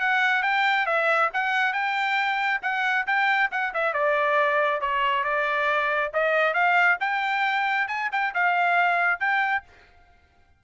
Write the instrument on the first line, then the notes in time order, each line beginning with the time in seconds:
trumpet
0.00 F#5
0.43 G5
0.86 E5
1.33 F#5
1.73 G5
2.62 F#5
3.07 G5
3.51 F#5
3.74 E5
3.93 D5
4.81 C#5
5.24 D5
6.14 D#5
6.54 F5
7.00 G5
7.88 G#5
8.12 G5
8.34 F5
9.20 G5